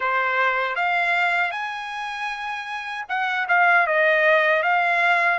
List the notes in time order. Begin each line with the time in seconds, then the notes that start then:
0.00 C5
0.75 F5
1.51 G#5
3.08 F#5
3.48 F5
3.86 D#5
4.62 F5